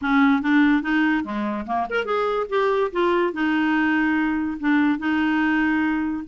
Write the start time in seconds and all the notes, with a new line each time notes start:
0.01 C#4
0.42 D4
0.82 D#4
1.23 G#3
1.66 A#3
1.89 A#4
2.05 G#4
2.49 G4
2.92 F4
3.33 D#4
4.60 D4
4.98 D#4